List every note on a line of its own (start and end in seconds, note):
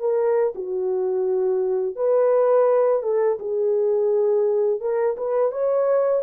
0.00 0.54 A#4
0.55 1.96 F#4
1.96 3.03 B4
3.03 3.39 A4
3.40 4.81 G#4
4.81 5.17 A#4
5.18 5.52 B4
5.52 6.23 C#5